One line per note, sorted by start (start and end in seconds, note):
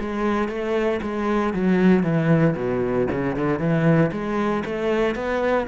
0.00 0.49 G#3
0.49 1.00 A3
1.02 1.54 G#3
1.54 2.03 F#3
2.03 2.55 E3
2.56 3.08 B2
3.11 3.36 C#3
3.36 3.59 D3
3.59 4.11 E3
4.12 4.64 G#3
4.65 5.15 A3
5.15 5.67 B3